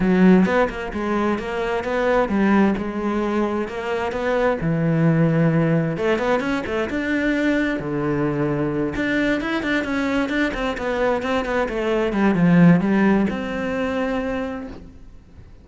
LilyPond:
\new Staff \with { instrumentName = "cello" } { \time 4/4 \tempo 4 = 131 fis4 b8 ais8 gis4 ais4 | b4 g4 gis2 | ais4 b4 e2~ | e4 a8 b8 cis'8 a8 d'4~ |
d'4 d2~ d8 d'8~ | d'8 e'8 d'8 cis'4 d'8 c'8 b8~ | b8 c'8 b8 a4 g8 f4 | g4 c'2. | }